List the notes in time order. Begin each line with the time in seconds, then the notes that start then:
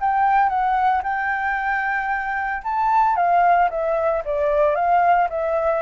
0.00 G5
0.49 F#5
1.03 G5
2.63 A5
3.16 F5
3.70 E5
4.24 D5
4.75 F5
5.29 E5